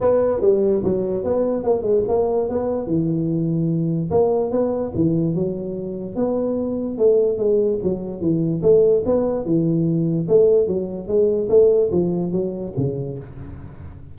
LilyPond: \new Staff \with { instrumentName = "tuba" } { \time 4/4 \tempo 4 = 146 b4 g4 fis4 b4 | ais8 gis8 ais4 b4 e4~ | e2 ais4 b4 | e4 fis2 b4~ |
b4 a4 gis4 fis4 | e4 a4 b4 e4~ | e4 a4 fis4 gis4 | a4 f4 fis4 cis4 | }